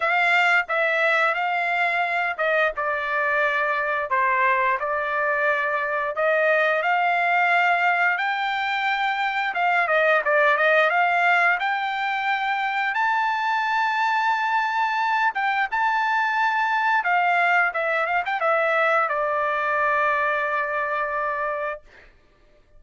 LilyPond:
\new Staff \with { instrumentName = "trumpet" } { \time 4/4 \tempo 4 = 88 f''4 e''4 f''4. dis''8 | d''2 c''4 d''4~ | d''4 dis''4 f''2 | g''2 f''8 dis''8 d''8 dis''8 |
f''4 g''2 a''4~ | a''2~ a''8 g''8 a''4~ | a''4 f''4 e''8 f''16 g''16 e''4 | d''1 | }